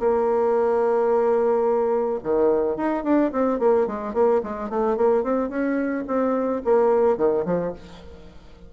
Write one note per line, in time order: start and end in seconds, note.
0.00 2.20 A#3
2.24 2.77 D#3
2.77 3.04 D#4
3.04 3.32 D4
3.33 3.60 C4
3.60 3.87 A#3
3.87 4.14 G#3
4.14 4.42 A#3
4.44 4.70 G#3
4.70 4.97 A3
4.97 5.24 A#3
5.24 5.50 C4
5.50 6.05 C#4
6.08 6.63 C4
6.65 7.18 A#3
7.18 7.45 D#3
7.46 7.73 F3